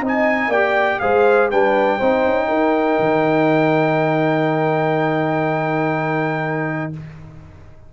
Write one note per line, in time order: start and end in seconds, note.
0.00 0.48 C4
0.00 0.52 D#4
0.00 0.50 D#5
0.07 0.51 G#5
0.48 0.97 A#3
0.48 1.01 G4
0.48 0.99 D5
0.48 0.99 G5
0.99 1.51 G#3
0.99 1.50 G#4
0.99 1.50 C5
0.99 1.49 F5
1.50 2.00 G3
1.50 2.00 D4
1.50 1.98 B4
1.50 6.91 G5
1.98 2.26 C4
1.98 6.93 D#4
1.98 2.47 C5
2.26 2.49 C#4
2.47 2.98 D#4
2.47 6.90 A#4
2.99 6.92 D#3